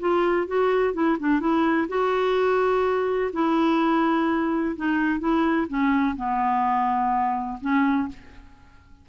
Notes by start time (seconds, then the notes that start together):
0.00 F4
0.48 F#4
0.94 E4
1.20 D4
1.41 E4
1.89 F#4
3.33 E4
4.77 D#4
5.20 E4
5.69 C#4
6.17 B3
7.61 C#4